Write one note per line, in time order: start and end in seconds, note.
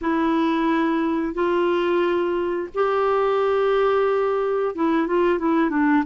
0.01 1.34 E4
1.34 2.68 F4
2.74 4.75 G4
4.75 5.07 E4
5.07 5.38 F4
5.38 5.70 E4
5.70 6.03 D4